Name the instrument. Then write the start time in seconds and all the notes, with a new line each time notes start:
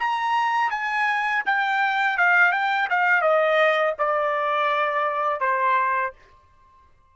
trumpet
0.00 A#5
0.71 G#5
1.46 G5
2.18 F5
2.53 G5
2.90 F5
3.22 D#5
3.99 D5
5.41 C5